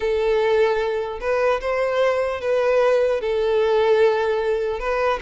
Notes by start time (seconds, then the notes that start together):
0.00 A4
1.20 B4
1.60 C5
2.40 B4
3.20 A4
4.79 B4